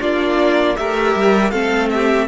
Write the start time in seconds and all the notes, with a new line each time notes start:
0.00 A#3 D4 F4 D5
0.76 A3 G4 A#4 E5
1.15 G3
1.51 A3 C4 A4 F5
1.90 G4 E5